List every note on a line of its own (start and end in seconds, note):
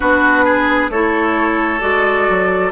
0.00 0.89 B3
0.00 0.91 D4
0.00 0.45 F#4
0.00 0.90 B4
0.45 0.90 G#4
0.89 1.80 A3
0.89 1.79 E4
0.89 2.71 A4
0.89 1.80 C#5
1.79 2.28 G#3
1.79 2.70 F#4
1.79 2.71 D5
2.29 2.71 F#3